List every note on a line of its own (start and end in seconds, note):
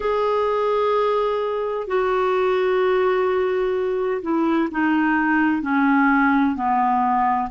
0.00 1.87 G#4
1.87 4.21 F#4
4.22 4.69 E4
4.71 5.62 D#4
5.62 6.55 C#4
6.55 7.49 B3